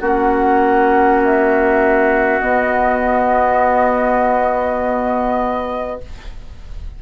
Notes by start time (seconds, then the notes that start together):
0.00 A#3 C#4 F#4 F#5
1.24 E5
2.40 B3 D#5